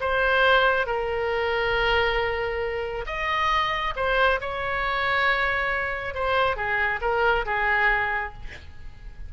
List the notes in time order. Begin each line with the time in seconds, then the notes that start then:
0.00 C5
0.86 A#4
3.06 D#5
3.96 C5
4.40 C#5
6.14 C5
6.56 G#4
7.01 A#4
7.45 G#4